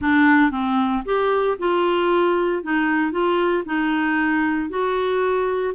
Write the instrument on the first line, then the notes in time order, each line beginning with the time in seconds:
clarinet
0.01 D4
0.51 C4
1.05 G4
1.58 F4
2.63 D#4
3.11 F4
3.65 D#4
4.69 F#4